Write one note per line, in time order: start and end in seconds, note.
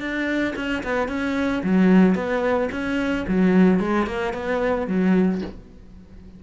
0.00 0.54 D4
0.56 0.83 C#4
0.83 1.08 B3
1.08 1.62 C#4
1.63 2.15 F#3
2.15 2.69 B3
2.72 3.26 C#4
3.28 3.80 F#3
3.80 4.07 G#3
4.07 4.33 A#3
4.33 4.87 B3
4.87 5.41 F#3